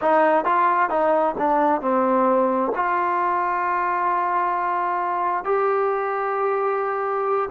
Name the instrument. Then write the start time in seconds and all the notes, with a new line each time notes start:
trombone
0.01 D#4
0.45 F4
0.89 D#4
1.38 D4
1.81 C4
2.75 F4
5.44 G4